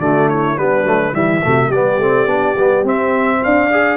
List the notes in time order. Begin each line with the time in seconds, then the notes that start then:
0.00 D3 A3 F#4 D5
0.30 E4 C#5
0.58 G3 B3 D4 B4
0.84 F#3 A3
1.13 E3 G3 E4 E5
1.43 C3 A3 F#4
1.68 G3 G4 D5
1.75 B3
1.99 A3 C4
2.26 B3 D4
2.57 G3 B3
2.84 C4 E5
3.44 D4 D5 F5
3.71 G#4